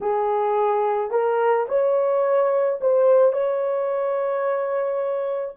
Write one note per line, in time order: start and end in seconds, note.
0.00 1.11 G#4
1.11 1.66 A#4
1.68 2.79 C#5
2.80 3.32 C5
3.32 5.55 C#5